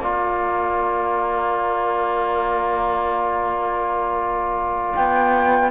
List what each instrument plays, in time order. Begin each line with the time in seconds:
0.00 cello A#3, trombone F4, trumpet D5, flute A#5
4.95 cello B3, flute G5